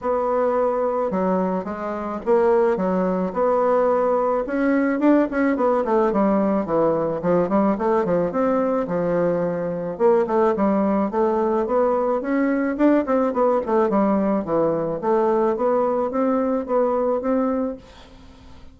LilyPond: \new Staff \with { instrumentName = "bassoon" } { \time 4/4 \tempo 4 = 108 b2 fis4 gis4 | ais4 fis4 b2 | cis'4 d'8 cis'8 b8 a8 g4 | e4 f8 g8 a8 f8 c'4 |
f2 ais8 a8 g4 | a4 b4 cis'4 d'8 c'8 | b8 a8 g4 e4 a4 | b4 c'4 b4 c'4 | }